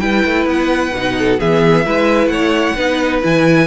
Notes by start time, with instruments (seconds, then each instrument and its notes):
0.00 cello G3, viola E4, violin B4 G5
0.26 cello A3
0.46 cello B3, violin F#5
0.94 cello B2, viola D#4
1.19 violin A4
1.39 cello E3, viola B3, violin G#4 E5
1.86 cello G#3, viola E4, violin B4
2.27 cello A3, violin C#5 F#5
2.76 cello B3, viola D#4, violin B4
3.22 cello E3, viola E4, violin G#5